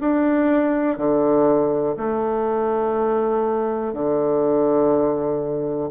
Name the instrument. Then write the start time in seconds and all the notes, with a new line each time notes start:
bassoon
0.00 D4
0.98 D3
1.97 A3
3.93 D3